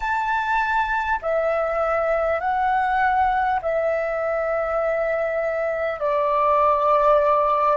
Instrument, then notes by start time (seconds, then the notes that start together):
flute
0.00 A5
1.22 E5
2.39 F#5
3.62 E5
5.99 D5